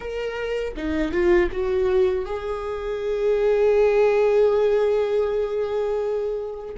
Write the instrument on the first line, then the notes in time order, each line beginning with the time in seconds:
viola
0.00 A#4
0.76 D#4
1.11 F4
1.51 F#4
2.25 G#4